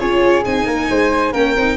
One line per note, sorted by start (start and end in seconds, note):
0.00 0.45 C#4
0.00 0.44 F4
0.00 0.66 G#4
0.00 0.44 C#5
0.45 0.67 C4
0.45 1.34 D#4
0.45 1.34 G#5
0.66 0.89 A#3
0.66 0.88 A#4
0.90 1.33 G#3
0.90 1.32 C5
1.32 1.55 A#3
1.32 1.57 C#4
1.32 1.76 A#4
1.32 1.77 G5
1.56 1.77 C4
1.56 1.77 D#4